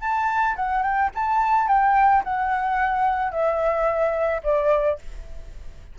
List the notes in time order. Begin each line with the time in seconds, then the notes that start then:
0.00 A5
0.56 F#5
0.82 G5
1.15 A5
1.68 G5
2.23 F#5
3.31 E5
4.43 D5